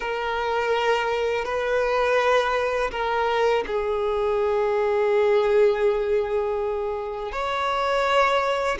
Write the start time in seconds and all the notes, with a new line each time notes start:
0.00 A#4
1.44 B4
2.91 A#4
3.66 G#4
7.31 C#5